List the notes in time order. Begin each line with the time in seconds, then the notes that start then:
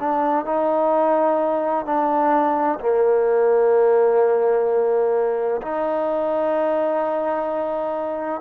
0.00 D4
0.46 D#4
1.86 D4
2.80 A#3
5.62 D#4